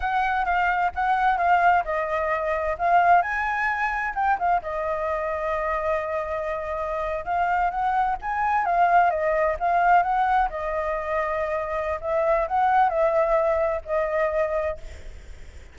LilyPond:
\new Staff \with { instrumentName = "flute" } { \time 4/4 \tempo 4 = 130 fis''4 f''4 fis''4 f''4 | dis''2 f''4 gis''4~ | gis''4 g''8 f''8 dis''2~ | dis''2.~ dis''8. f''16~ |
f''8. fis''4 gis''4 f''4 dis''16~ | dis''8. f''4 fis''4 dis''4~ dis''16~ | dis''2 e''4 fis''4 | e''2 dis''2 | }